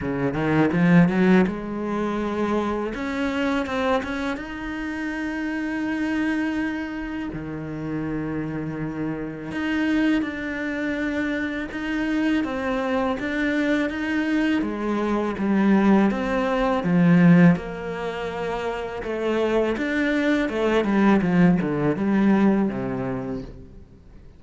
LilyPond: \new Staff \with { instrumentName = "cello" } { \time 4/4 \tempo 4 = 82 cis8 dis8 f8 fis8 gis2 | cis'4 c'8 cis'8 dis'2~ | dis'2 dis2~ | dis4 dis'4 d'2 |
dis'4 c'4 d'4 dis'4 | gis4 g4 c'4 f4 | ais2 a4 d'4 | a8 g8 f8 d8 g4 c4 | }